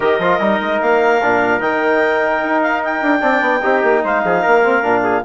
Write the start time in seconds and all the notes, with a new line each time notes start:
0.00 D#3 G4 A#4 D#5
0.18 F3 F4
0.39 G3 D#4
0.60 G#3
0.81 A#3 F5
1.22 A#2 D4
1.60 D#3 D#4 G5
2.43 D#4
2.62 F5
2.84 G5
3.01 D4
3.20 C4 D4 D5
3.40 B3
3.61 C4 D#4 G4
3.83 A#3
4.04 G#3 C5 F5
4.23 F3 G#4
4.42 A#3 A#4
4.62 C4
4.82 A#2 D4
5.03 G#4